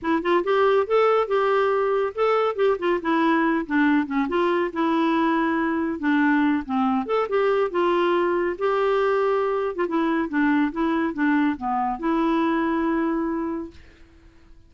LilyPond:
\new Staff \with { instrumentName = "clarinet" } { \time 4/4 \tempo 4 = 140 e'8 f'8 g'4 a'4 g'4~ | g'4 a'4 g'8 f'8 e'4~ | e'8 d'4 cis'8 f'4 e'4~ | e'2 d'4. c'8~ |
c'8 a'8 g'4 f'2 | g'2~ g'8. f'16 e'4 | d'4 e'4 d'4 b4 | e'1 | }